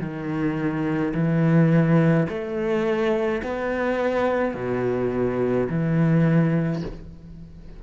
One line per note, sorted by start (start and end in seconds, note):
0.00 1.13 D#3
1.14 2.27 E3
2.29 3.42 A3
3.43 4.55 B3
4.55 5.68 B2
5.69 6.82 E3